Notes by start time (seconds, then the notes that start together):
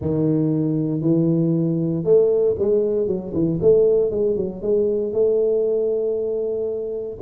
0.01 D#3
1.01 E3
2.03 A3
2.58 G#3
3.07 F#3
3.33 E3
3.61 A3
4.10 G#3
4.36 F#3
4.62 G#3
5.13 A3